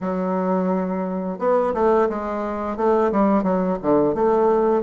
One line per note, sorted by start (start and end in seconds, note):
0.01 1.39 F#3
1.39 1.73 B3
1.73 2.08 A3
2.09 2.76 G#3
2.76 3.11 A3
3.11 3.43 G3
3.43 3.77 F#3
3.82 4.14 D3
4.14 4.82 A3